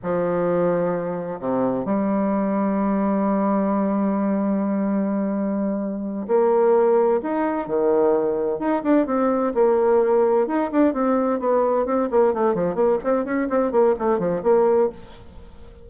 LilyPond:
\new Staff \with { instrumentName = "bassoon" } { \time 4/4 \tempo 4 = 129 f2. c4 | g1~ | g1~ | g4. ais2 dis'8~ |
dis'8 dis2 dis'8 d'8 c'8~ | c'8 ais2 dis'8 d'8 c'8~ | c'8 b4 c'8 ais8 a8 f8 ais8 | c'8 cis'8 c'8 ais8 a8 f8 ais4 | }